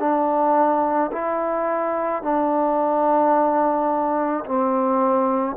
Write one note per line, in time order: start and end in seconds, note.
0.00 1.11 D4
1.13 2.23 E4
2.23 4.45 D4
4.46 5.57 C4